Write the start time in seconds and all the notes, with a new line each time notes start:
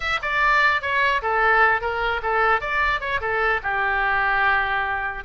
0.00 E5
0.21 D5
0.81 C#5
1.22 A4
1.81 A#4
2.22 A4
2.60 D5
3.00 C#5
3.20 A4
3.62 G4